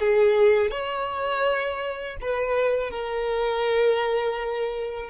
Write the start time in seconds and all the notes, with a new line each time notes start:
0.00 G#4
0.71 C#5
2.22 B4
2.90 A#4